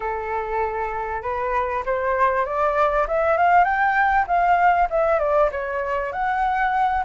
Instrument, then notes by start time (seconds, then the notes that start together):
flute
0.00 A4
1.22 B4
1.85 C5
2.45 D5
3.07 E5
3.37 F5
3.64 G5
4.27 F5
4.90 E5
5.19 D5
5.51 C#5
6.12 F#5